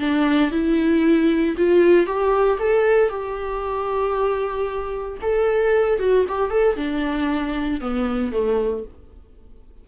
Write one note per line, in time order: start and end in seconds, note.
0.00 0.51 D4
0.51 1.56 E4
1.57 2.07 F4
2.07 2.59 G4
2.59 3.09 A4
3.09 5.18 G4
5.22 6.00 A4
6.00 6.26 F#4
6.29 6.51 G4
6.51 6.77 A4
6.77 7.81 D4
7.81 8.32 B3
8.32 8.84 A3